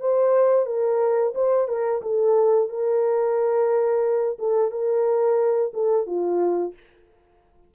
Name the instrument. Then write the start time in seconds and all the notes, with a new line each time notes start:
horn
0.00 C5
0.66 A#4
1.35 C5
1.68 A#4
2.02 A4
2.69 A#4
4.39 A4
4.71 A#4
5.73 A4
6.06 F4